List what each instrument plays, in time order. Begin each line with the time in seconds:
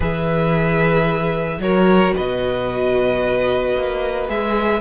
0.00 cello E3, viola G#4, violin B4 E5
1.59 cello F#3, viola F#4, violin A#4 C#5
2.15 cello B2, violin B4 D#5
3.75 cello A#3
4.28 cello G#3, viola G#4, violin E5